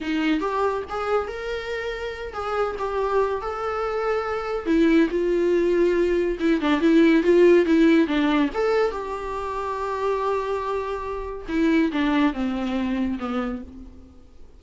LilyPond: \new Staff \with { instrumentName = "viola" } { \time 4/4 \tempo 4 = 141 dis'4 g'4 gis'4 ais'4~ | ais'4. gis'4 g'4. | a'2. e'4 | f'2. e'8 d'8 |
e'4 f'4 e'4 d'4 | a'4 g'2.~ | g'2. e'4 | d'4 c'2 b4 | }